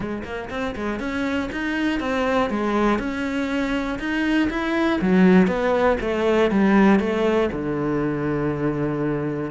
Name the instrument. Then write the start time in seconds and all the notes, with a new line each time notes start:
cello
0.00 G#3
0.24 A#3
0.50 C4
0.75 G#3
0.99 C#4
1.52 D#4
2.00 C4
2.50 G#3
2.98 C#4
3.99 D#4
4.50 E4
5.01 F#3
5.47 B3
6.00 A3
6.50 G3
6.99 A3
7.52 D3